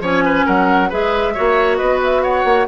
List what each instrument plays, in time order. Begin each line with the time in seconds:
0.00 bassoon F3, clarinet C#4, oboe C#5, flute G#5
0.24 oboe B4
0.46 bassoon F#3, oboe A#4, flute F#5
0.89 bassoon G#3, clarinet G#4, oboe B4, flute E5
1.34 bassoon A#3, clarinet F#4, oboe C#5
1.77 bassoon B3, oboe B4, flute D#5
2.04 flute E5
2.23 oboe C#5, flute F#5
2.44 bassoon A#3